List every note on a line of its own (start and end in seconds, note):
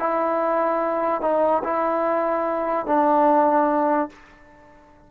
0.00 1.22 E4
1.22 1.63 D#4
1.64 2.87 E4
2.87 4.10 D4